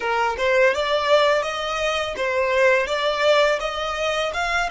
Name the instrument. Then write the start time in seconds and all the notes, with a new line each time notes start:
violin
0.00 A#4
0.37 C5
0.74 D5
1.42 D#5
2.16 C5
2.87 D5
3.60 D#5
4.33 F5